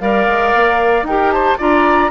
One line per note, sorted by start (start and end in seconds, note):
0.00 0.27 G3
0.00 1.05 A#4
0.00 1.07 D5
0.00 1.05 F5
0.27 0.53 G#3
0.54 1.02 A#3
1.02 1.55 D#4
1.02 1.32 G5
1.08 1.58 G4
1.08 1.33 A#4
1.32 1.58 C5
1.32 1.58 A5
1.58 2.11 D4
1.58 2.11 F4
1.58 2.11 D5
1.58 2.11 A#5